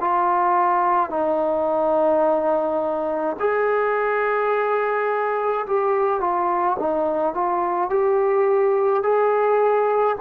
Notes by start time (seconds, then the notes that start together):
0.00 F4
1.10 D#4
3.39 G#4
5.67 G4
6.20 F4
6.79 D#4
7.34 F4
7.89 G4
9.03 G#4